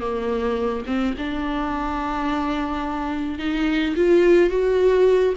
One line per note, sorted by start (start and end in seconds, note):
0.00 0.84 A#3
0.86 1.14 C4
1.18 3.39 D4
3.39 3.95 D#4
3.96 4.50 F4
4.50 5.34 F#4